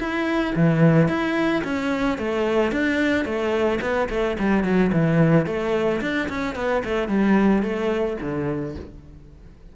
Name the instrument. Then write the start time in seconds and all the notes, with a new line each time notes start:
cello
0.00 E4
0.56 E3
1.09 E4
1.64 C#4
2.19 A3
2.72 D4
3.25 A3
3.82 B3
4.10 A3
4.40 G3
4.64 F#3
4.93 E3
5.46 A3
6.01 D4
6.29 C#4
6.56 B3
6.85 A3
7.09 G3
7.63 A3
8.21 D3